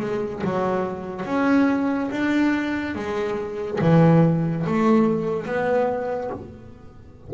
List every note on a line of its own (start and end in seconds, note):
0.00 0.42 G#3
0.44 1.26 F#3
1.26 2.10 C#4
2.11 2.95 D4
2.95 3.80 G#3
3.81 4.66 E3
4.66 5.46 A3
5.46 6.30 B3